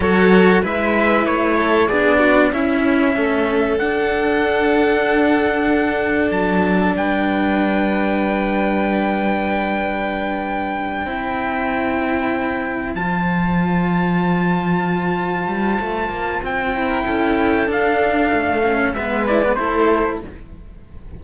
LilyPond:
<<
  \new Staff \with { instrumentName = "trumpet" } { \time 4/4 \tempo 4 = 95 cis''4 e''4 cis''4 d''4 | e''2 fis''2~ | fis''2 a''4 g''4~ | g''1~ |
g''1~ | g''8 a''2.~ a''8~ | a''2 g''2 | f''2 e''8 d''8 c''4 | }
  \new Staff \with { instrumentName = "violin" } { \time 4/4 a'4 b'4. a'8 gis'8 fis'8 | e'4 a'2.~ | a'2. b'4~ | b'1~ |
b'4. c''2~ c''8~ | c''1~ | c''2~ c''8. ais'16 a'4~ | a'2 b'4 a'4 | }
  \new Staff \with { instrumentName = "cello" } { \time 4/4 fis'4 e'2 d'4 | cis'2 d'2~ | d'1~ | d'1~ |
d'4. e'2~ e'8~ | e'8 f'2.~ f'8~ | f'2~ f'8 e'4. | d'4. cis'8 b8 e'16 b16 e'4 | }
  \new Staff \with { instrumentName = "cello" } { \time 4/4 fis4 gis4 a4 b4 | cis'4 a4 d'2~ | d'2 fis4 g4~ | g1~ |
g4. c'2~ c'8~ | c'8 f2.~ f8~ | f8 g8 a8 ais8 c'4 cis'4 | d'4 a4 gis4 a4 | }
>>